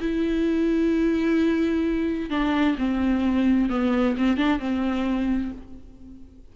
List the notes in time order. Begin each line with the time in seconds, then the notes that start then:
0.00 E4
2.30 D4
2.78 C4
3.70 B3
4.17 C4
4.37 D4
4.59 C4